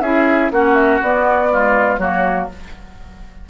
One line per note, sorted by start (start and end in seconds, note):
0.00 0.50 C#4
0.00 0.52 E4
0.00 0.52 G#4
0.00 0.51 E5
0.51 1.01 A#3
0.51 1.02 C#4
0.51 1.52 F#4
0.51 0.74 F#5
0.74 0.99 E5
1.01 1.98 B3
1.01 1.50 B3
1.01 1.97 D5
1.50 1.99 G#3
1.50 2.00 F4
1.97 2.48 F#3
1.97 2.49 A#3
1.97 2.49 F#4
1.97 2.46 C#5